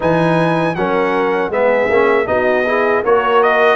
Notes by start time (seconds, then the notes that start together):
0.00 E3 D#4 B4 G#5
0.75 F#3 C#4 A#4 F#5
1.49 G#3 B3 G#4 E5
1.89 A#3 C#4
2.25 B3 D#4 F#4 D#5
2.66 E4 G#4
3.02 A#3 F#4 A#4 C#5
3.42 D#5